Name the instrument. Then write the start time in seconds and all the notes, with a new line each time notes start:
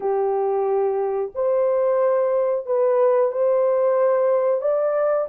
horn
0.00 G4
1.34 C5
2.66 B4
3.31 C5
4.61 D5